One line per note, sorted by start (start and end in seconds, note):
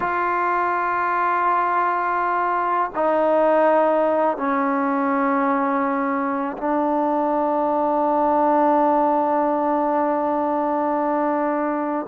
0.00 2.91 F4
2.95 4.37 D#4
4.37 6.57 C#4
6.57 12.06 D4